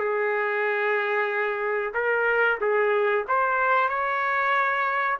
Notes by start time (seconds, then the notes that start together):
0.00 G#4
1.94 A#4
2.61 G#4
3.28 C5
3.89 C#5